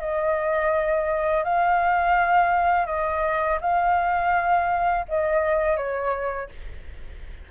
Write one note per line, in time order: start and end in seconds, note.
0.00 1.44 D#5
1.44 2.86 F5
2.86 3.58 D#5
3.61 5.05 F5
5.08 5.77 D#5
5.77 6.49 C#5